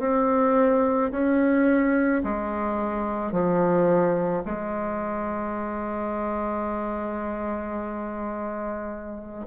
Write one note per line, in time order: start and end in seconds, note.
0.00 1.11 C4
1.12 2.23 C#4
2.24 3.32 G#3
3.32 4.43 F3
4.46 9.46 G#3